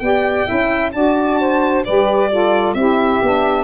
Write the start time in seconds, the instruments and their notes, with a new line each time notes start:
0.00 tuba B3, saxophone G4 D5, violin G5
0.46 tuba C#4, saxophone E4 E5
0.93 tuba D4, saxophone F#4 D5, violin A5
1.40 saxophone C5
1.85 tuba G3, saxophone G4 B4, violin D5
2.31 saxophone F4 A4
2.74 tuba C4, saxophone E4 G4, violin E5
3.22 tuba B3, saxophone D4